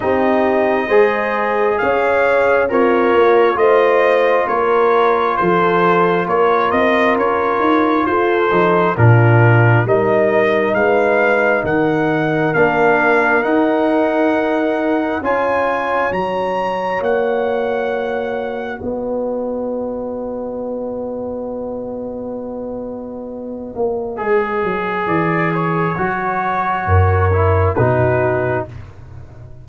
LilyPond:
<<
  \new Staff \with { instrumentName = "trumpet" } { \time 4/4 \tempo 4 = 67 dis''2 f''4 cis''4 | dis''4 cis''4 c''4 cis''8 dis''8 | cis''4 c''4 ais'4 dis''4 | f''4 fis''4 f''4 fis''4~ |
fis''4 gis''4 ais''4 fis''4~ | fis''4 dis''2.~ | dis''1 | d''8 cis''2~ cis''8 b'4 | }
  \new Staff \with { instrumentName = "horn" } { \time 4/4 g'4 c''4 cis''4 f'4 | c''4 ais'4 a'4 ais'4~ | ais'4 a'4 f'4 ais'4 | b'4 ais'2.~ |
ais'4 cis''2.~ | cis''4 b'2.~ | b'1~ | b'2 ais'4 fis'4 | }
  \new Staff \with { instrumentName = "trombone" } { \time 4/4 dis'4 gis'2 ais'4 | f'1~ | f'4. dis'8 d'4 dis'4~ | dis'2 d'4 dis'4~ |
dis'4 f'4 fis'2~ | fis'1~ | fis'2. gis'4~ | gis'4 fis'4. e'8 dis'4 | }
  \new Staff \with { instrumentName = "tuba" } { \time 4/4 c'4 gis4 cis'4 c'8 ais8 | a4 ais4 f4 ais8 c'8 | cis'8 dis'8 f'8 f8 ais,4 g4 | gis4 dis4 ais4 dis'4~ |
dis'4 cis'4 fis4 ais4~ | ais4 b2.~ | b2~ b8 ais8 gis8 fis8 | e4 fis4 fis,4 b,4 | }
>>